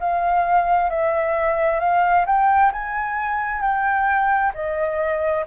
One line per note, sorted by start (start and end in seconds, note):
0.00 0.90 F5
0.90 1.80 E5
1.80 2.26 F5
2.26 2.72 G5
2.73 3.62 G#5
3.62 4.52 G5
4.55 5.45 D#5